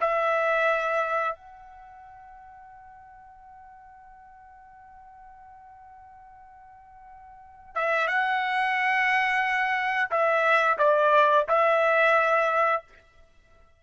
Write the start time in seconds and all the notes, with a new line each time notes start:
0.00 E5
1.35 F#5
7.75 E5
8.07 F#5
10.10 E5
10.78 D5
11.48 E5